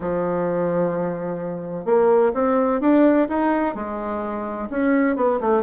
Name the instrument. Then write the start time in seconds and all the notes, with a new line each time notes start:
bassoon
0.00 F3
1.85 A#3
2.34 C4
2.80 D4
3.28 D#4
3.75 G#3
4.70 C#4
5.16 B3
5.40 A3